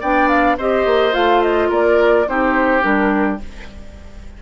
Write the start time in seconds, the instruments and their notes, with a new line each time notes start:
0.00 bassoon B3, clarinet D4, oboe D5, flute G5
0.28 flute F5
0.57 bassoon C4, clarinet G4, oboe C5, flute D#5
0.85 bassoon A#3
1.12 bassoon A3, clarinet F4, flute F5
1.42 flute D#5
1.69 bassoon A#3, oboe A#4, flute D5
2.28 bassoon C4, clarinet D#4, oboe G4, flute C5
2.81 bassoon G3, clarinet D4, flute A#4